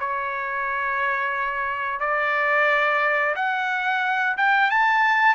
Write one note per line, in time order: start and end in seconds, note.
0.00 2.00 C#5
2.00 3.35 D5
3.36 4.37 F#5
4.38 4.71 G5
4.71 5.35 A5